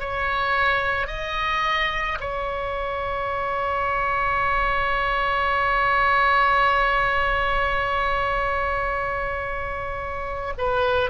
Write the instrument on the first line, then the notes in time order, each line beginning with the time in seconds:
oboe
0.00 C#5
1.07 D#5
2.21 C#5
10.58 B4